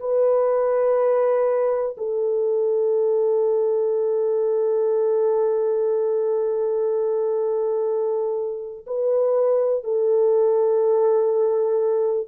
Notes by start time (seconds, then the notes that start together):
0.00 B4
1.98 A4
8.87 B4
9.84 A4